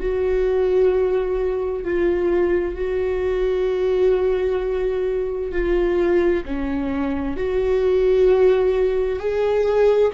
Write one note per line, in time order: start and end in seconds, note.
0.00 1.84 F#4
1.84 2.75 F4
2.75 5.52 F#4
5.52 6.44 F4
6.45 7.37 C#4
7.37 9.20 F#4
9.20 10.12 G#4